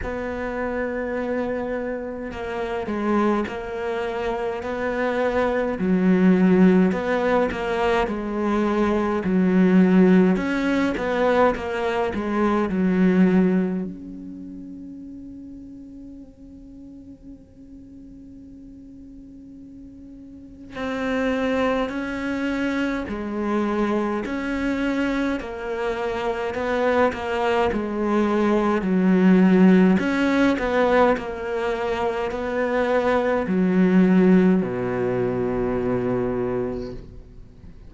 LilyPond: \new Staff \with { instrumentName = "cello" } { \time 4/4 \tempo 4 = 52 b2 ais8 gis8 ais4 | b4 fis4 b8 ais8 gis4 | fis4 cis'8 b8 ais8 gis8 fis4 | cis'1~ |
cis'2 c'4 cis'4 | gis4 cis'4 ais4 b8 ais8 | gis4 fis4 cis'8 b8 ais4 | b4 fis4 b,2 | }